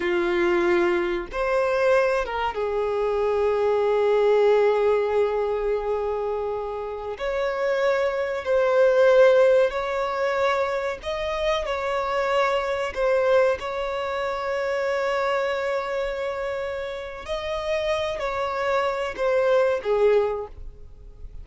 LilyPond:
\new Staff \with { instrumentName = "violin" } { \time 4/4 \tempo 4 = 94 f'2 c''4. ais'8 | gis'1~ | gis'2.~ gis'16 cis''8.~ | cis''4~ cis''16 c''2 cis''8.~ |
cis''4~ cis''16 dis''4 cis''4.~ cis''16~ | cis''16 c''4 cis''2~ cis''8.~ | cis''2. dis''4~ | dis''8 cis''4. c''4 gis'4 | }